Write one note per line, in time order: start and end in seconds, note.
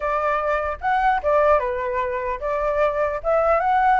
0.00 0.77 D5
0.81 1.21 F#5
1.23 1.59 D5
1.59 2.39 B4
2.40 3.20 D5
3.23 3.59 E5
3.59 4.00 F#5